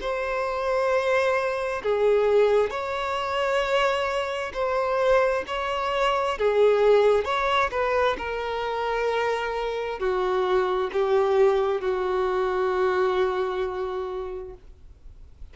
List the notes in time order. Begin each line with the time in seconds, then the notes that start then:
0.00 C5
1.83 G#4
2.70 C#5
4.53 C5
5.47 C#5
6.38 G#4
7.24 C#5
7.71 B4
8.18 A#4
9.99 F#4
10.92 G4
11.81 F#4